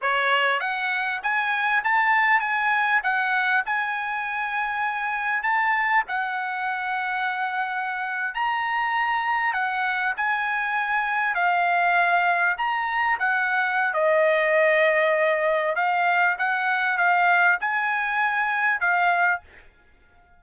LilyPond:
\new Staff \with { instrumentName = "trumpet" } { \time 4/4 \tempo 4 = 99 cis''4 fis''4 gis''4 a''4 | gis''4 fis''4 gis''2~ | gis''4 a''4 fis''2~ | fis''4.~ fis''16 ais''2 fis''16~ |
fis''8. gis''2 f''4~ f''16~ | f''8. ais''4 fis''4~ fis''16 dis''4~ | dis''2 f''4 fis''4 | f''4 gis''2 f''4 | }